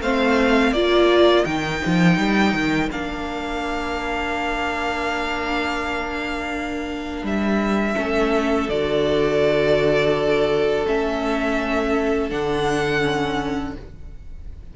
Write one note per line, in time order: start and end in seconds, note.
0.00 0.72 A3
0.00 0.75 C4
0.00 0.73 C5
0.00 0.73 F5
0.72 1.44 A#3
0.72 1.45 F4
0.72 7.95 A#4
0.72 1.44 D5
1.44 1.82 D#3
1.44 2.90 D#4
1.44 2.89 G5
1.85 2.17 F3
2.17 2.53 G3
2.53 2.89 D#3
2.91 7.23 A#3
2.91 7.95 D4
2.91 7.25 F5
7.23 7.95 G3
7.23 8.69 E5
7.95 8.68 A3
7.95 8.68 C#4
7.95 13.74 A4
8.68 10.85 D3
8.68 10.86 F#4
8.68 10.86 D5
10.86 12.31 A3
10.86 12.30 C#4
10.86 12.30 E5
12.30 13.76 D3
12.30 13.01 D4
12.30 13.75 F#5
13.01 13.74 C#4